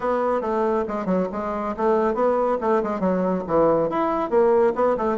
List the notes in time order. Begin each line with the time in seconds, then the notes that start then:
0.00 B3
0.41 A3
0.88 G#3
1.05 F#3
1.32 G#3
1.76 A3
2.14 B3
2.60 A3
2.83 G#3
3.00 F#3
3.47 E3
3.89 E4
4.29 A#3
4.75 B3
4.97 A3